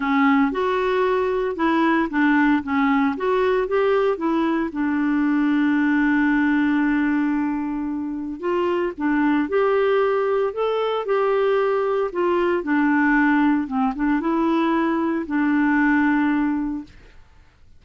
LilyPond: \new Staff \with { instrumentName = "clarinet" } { \time 4/4 \tempo 4 = 114 cis'4 fis'2 e'4 | d'4 cis'4 fis'4 g'4 | e'4 d'2.~ | d'1 |
f'4 d'4 g'2 | a'4 g'2 f'4 | d'2 c'8 d'8 e'4~ | e'4 d'2. | }